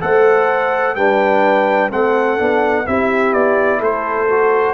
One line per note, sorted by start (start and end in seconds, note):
0.00 0.96 A3
0.00 0.95 A4
0.00 0.96 C5
0.00 0.95 F#5
0.95 1.91 G3
0.95 1.89 D4
0.95 1.89 B4
0.95 1.90 G5
1.89 2.39 A3
1.89 2.37 C4
1.89 2.85 A4
1.89 2.87 F#5
2.37 2.87 B3
2.37 2.85 D4
2.85 3.33 C4
2.85 4.28 E4
2.85 3.79 G4
2.85 3.33 E5
3.33 3.81 B3
3.33 3.81 D5
3.79 4.74 A3
3.79 4.74 A4
3.79 4.74 C5
4.29 4.74 F#4